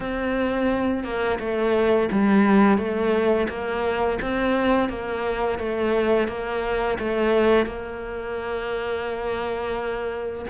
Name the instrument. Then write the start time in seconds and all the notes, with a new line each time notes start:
cello
0.00 C4
1.03 A#3
1.39 A3
2.11 G3
2.77 A3
3.49 A#3
4.21 C4
4.89 A#3
5.58 A3
6.28 A#3
6.99 A3
7.66 A#3